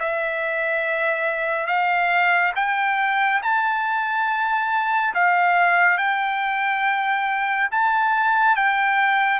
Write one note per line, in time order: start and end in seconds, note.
0.00 1.67 E5
1.67 2.52 F5
2.56 3.42 G5
3.42 5.14 A5
5.14 5.98 F5
5.98 7.69 G5
7.71 8.56 A5
8.56 9.40 G5